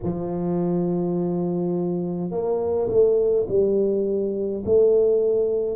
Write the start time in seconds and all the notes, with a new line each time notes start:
0.03 F3
2.30 A#3
2.88 A3
3.48 G3
4.65 A3